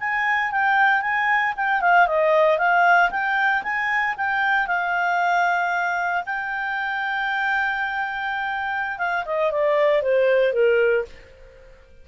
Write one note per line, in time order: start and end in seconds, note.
0.00 0.52 G#5
0.52 1.02 G5
1.02 1.54 G#5
1.57 1.81 G5
1.81 2.07 F5
2.07 2.58 D#5
2.58 3.10 F5
3.11 3.63 G5
3.63 4.15 G#5
4.17 4.67 G5
4.67 6.24 F5
6.26 8.99 G5
8.99 9.25 F5
9.26 9.52 D#5
9.52 10.02 D5
10.02 10.53 C5
10.53 11.05 A#4